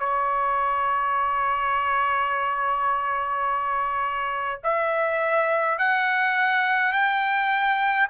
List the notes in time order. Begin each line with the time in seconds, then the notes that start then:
0.00 C#5
4.64 E5
5.78 F#5
6.92 G5